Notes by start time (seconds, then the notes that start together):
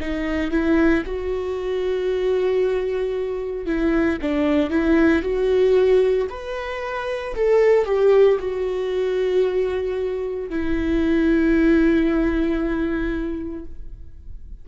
0.00 D#4
0.51 E4
1.06 F#4
3.66 E4
4.22 D4
4.70 E4
5.22 F#4
6.30 B4
7.35 A4
7.85 G4
8.39 F#4
10.50 E4